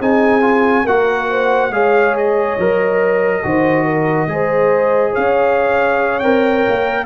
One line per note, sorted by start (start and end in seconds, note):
0.00 0.86 C4
0.00 0.41 D#4
0.00 0.84 G#4
0.00 0.87 G#5
0.41 0.84 F4
0.84 1.70 A#3
0.84 1.72 F#4
0.84 1.27 A#4
0.84 1.73 F#5
1.30 1.72 C5
1.70 2.56 G#3
1.70 2.58 G#4
1.70 3.45 C#5
1.70 2.16 F5
2.17 5.15 D#5
2.58 3.44 F#3
2.58 3.43 A#4
3.43 4.27 D#3
3.43 4.28 F#4
3.43 3.85 C5
3.85 4.28 A#4
4.27 5.12 G#3
4.27 6.21 G#4
4.27 5.12 C5
5.12 6.24 C#4
5.12 7.05 C#5
5.12 6.19 F5
6.19 6.67 C4
6.19 7.06 A#4
6.19 7.05 G5
6.68 7.06 A#3